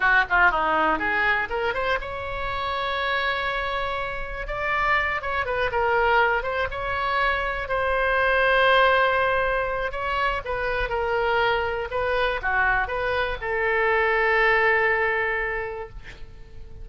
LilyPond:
\new Staff \with { instrumentName = "oboe" } { \time 4/4 \tempo 4 = 121 fis'8 f'8 dis'4 gis'4 ais'8 c''8 | cis''1~ | cis''4 d''4. cis''8 b'8 ais'8~ | ais'4 c''8 cis''2 c''8~ |
c''1 | cis''4 b'4 ais'2 | b'4 fis'4 b'4 a'4~ | a'1 | }